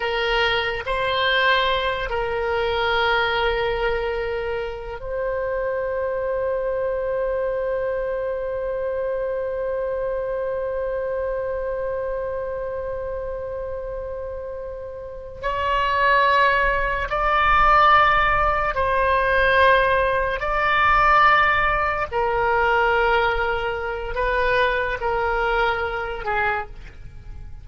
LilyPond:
\new Staff \with { instrumentName = "oboe" } { \time 4/4 \tempo 4 = 72 ais'4 c''4. ais'4.~ | ais'2 c''2~ | c''1~ | c''1~ |
c''2~ c''8 cis''4.~ | cis''8 d''2 c''4.~ | c''8 d''2 ais'4.~ | ais'4 b'4 ais'4. gis'8 | }